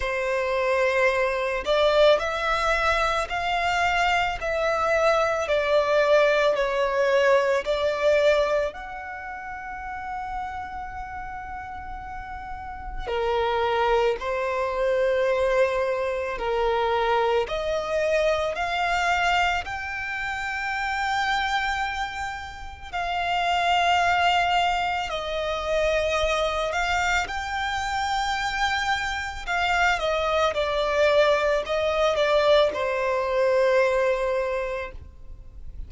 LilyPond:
\new Staff \with { instrumentName = "violin" } { \time 4/4 \tempo 4 = 55 c''4. d''8 e''4 f''4 | e''4 d''4 cis''4 d''4 | fis''1 | ais'4 c''2 ais'4 |
dis''4 f''4 g''2~ | g''4 f''2 dis''4~ | dis''8 f''8 g''2 f''8 dis''8 | d''4 dis''8 d''8 c''2 | }